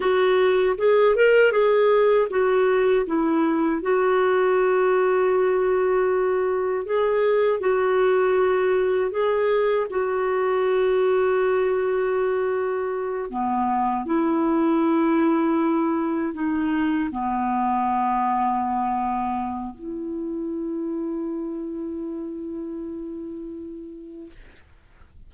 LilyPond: \new Staff \with { instrumentName = "clarinet" } { \time 4/4 \tempo 4 = 79 fis'4 gis'8 ais'8 gis'4 fis'4 | e'4 fis'2.~ | fis'4 gis'4 fis'2 | gis'4 fis'2.~ |
fis'4. b4 e'4.~ | e'4. dis'4 b4.~ | b2 e'2~ | e'1 | }